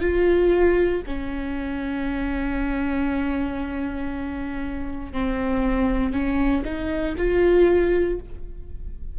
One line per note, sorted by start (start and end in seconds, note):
0.00 1.02 F4
1.06 5.12 C#4
5.12 6.12 C4
6.12 6.63 C#4
6.64 7.15 D#4
7.17 8.19 F4